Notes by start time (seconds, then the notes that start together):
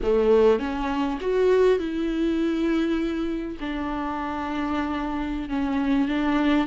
0.02 A3
0.59 C#4
1.20 F#4
1.79 E4
3.59 D4
5.49 C#4
6.08 D4